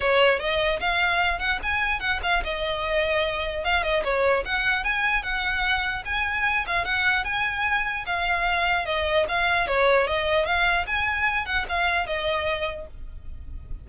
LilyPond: \new Staff \with { instrumentName = "violin" } { \time 4/4 \tempo 4 = 149 cis''4 dis''4 f''4. fis''8 | gis''4 fis''8 f''8 dis''2~ | dis''4 f''8 dis''8 cis''4 fis''4 | gis''4 fis''2 gis''4~ |
gis''8 f''8 fis''4 gis''2 | f''2 dis''4 f''4 | cis''4 dis''4 f''4 gis''4~ | gis''8 fis''8 f''4 dis''2 | }